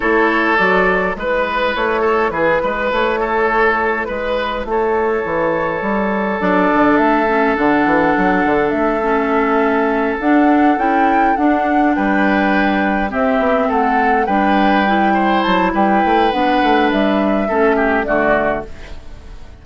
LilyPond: <<
  \new Staff \with { instrumentName = "flute" } { \time 4/4 \tempo 4 = 103 cis''4 d''4 b'4 cis''4 | b'4 cis''2 b'4 | cis''2. d''4 | e''4 fis''2 e''4~ |
e''4. fis''4 g''4 fis''8~ | fis''8 g''2 e''4 fis''8~ | fis''8 g''2 a''8 g''4 | fis''4 e''2 d''4 | }
  \new Staff \with { instrumentName = "oboe" } { \time 4/4 a'2 b'4. a'8 | gis'8 b'4 a'4. b'4 | a'1~ | a'1~ |
a'1~ | a'8 b'2 g'4 a'8~ | a'8 b'4. c''4 b'4~ | b'2 a'8 g'8 fis'4 | }
  \new Staff \with { instrumentName = "clarinet" } { \time 4/4 e'4 fis'4 e'2~ | e'1~ | e'2. d'4~ | d'8 cis'8 d'2~ d'8 cis'8~ |
cis'4. d'4 e'4 d'8~ | d'2~ d'8 c'4.~ | c'8 d'4 e'2~ e'8 | d'2 cis'4 a4 | }
  \new Staff \with { instrumentName = "bassoon" } { \time 4/4 a4 fis4 gis4 a4 | e8 gis8 a2 gis4 | a4 e4 g4 fis8 d8 | a4 d8 e8 fis8 d8 a4~ |
a4. d'4 cis'4 d'8~ | d'8 g2 c'8 b8 a8~ | a8 g2 fis8 g8 a8 | b8 a8 g4 a4 d4 | }
>>